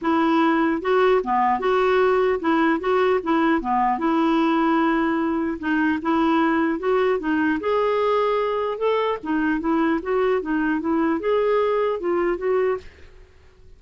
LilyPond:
\new Staff \with { instrumentName = "clarinet" } { \time 4/4 \tempo 4 = 150 e'2 fis'4 b4 | fis'2 e'4 fis'4 | e'4 b4 e'2~ | e'2 dis'4 e'4~ |
e'4 fis'4 dis'4 gis'4~ | gis'2 a'4 dis'4 | e'4 fis'4 dis'4 e'4 | gis'2 f'4 fis'4 | }